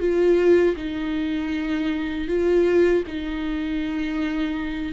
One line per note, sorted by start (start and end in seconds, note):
0.00 0.76 F4
0.76 2.28 D#4
2.28 3.04 F4
3.08 4.93 D#4